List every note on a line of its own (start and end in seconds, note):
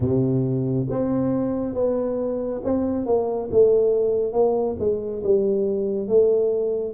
0.00 0.87 C3
0.89 1.74 C4
1.74 2.61 B3
2.64 3.06 C4
3.06 3.49 A#3
3.51 4.32 A3
4.32 4.76 A#3
4.79 5.22 G#3
5.23 6.08 G3
6.08 6.94 A3